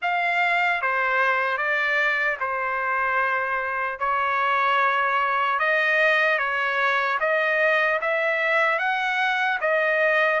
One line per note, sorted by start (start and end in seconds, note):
0.02 0.81 F5
0.81 1.57 C5
1.57 2.37 D5
2.40 3.99 C5
3.99 5.59 C#5
5.59 6.38 D#5
6.38 7.18 C#5
7.20 8.00 D#5
8.01 8.78 E5
8.78 9.58 F#5
9.60 10.40 D#5